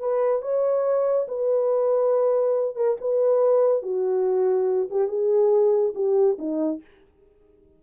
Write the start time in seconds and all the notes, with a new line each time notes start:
0.00 B4
0.42 C#5
1.28 B4
2.76 A#4
3.01 B4
3.83 F#4
4.91 G4
5.08 G#4
5.95 G4
6.38 D#4